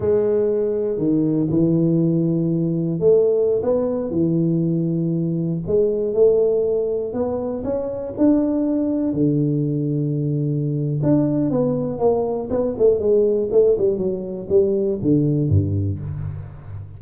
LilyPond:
\new Staff \with { instrumentName = "tuba" } { \time 4/4 \tempo 4 = 120 gis2 dis4 e4~ | e2 a4~ a16 b8.~ | b16 e2. gis8.~ | gis16 a2 b4 cis'8.~ |
cis'16 d'2 d4.~ d16~ | d2 d'4 b4 | ais4 b8 a8 gis4 a8 g8 | fis4 g4 d4 g,4 | }